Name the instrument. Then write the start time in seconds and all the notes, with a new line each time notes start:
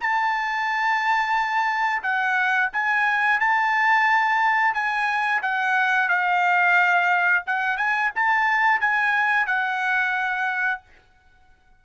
trumpet
0.00 A5
2.02 F#5
2.72 G#5
3.40 A5
4.74 G#5
5.42 F#5
6.09 F5
7.46 F#5
7.77 G#5
8.15 A5
8.80 G#5
9.46 F#5